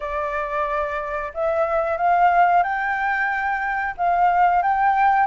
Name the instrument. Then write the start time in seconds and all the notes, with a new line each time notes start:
flute
0.00 D5
1.34 E5
1.97 F5
2.63 G5
3.97 F5
4.62 G5